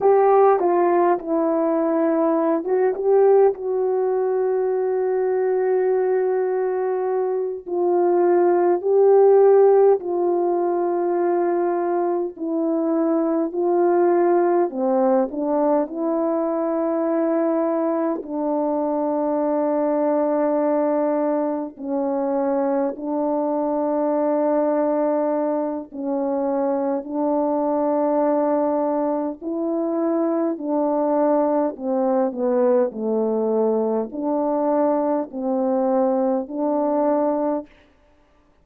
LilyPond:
\new Staff \with { instrumentName = "horn" } { \time 4/4 \tempo 4 = 51 g'8 f'8 e'4~ e'16 fis'16 g'8 fis'4~ | fis'2~ fis'8 f'4 g'8~ | g'8 f'2 e'4 f'8~ | f'8 c'8 d'8 e'2 d'8~ |
d'2~ d'8 cis'4 d'8~ | d'2 cis'4 d'4~ | d'4 e'4 d'4 c'8 b8 | a4 d'4 c'4 d'4 | }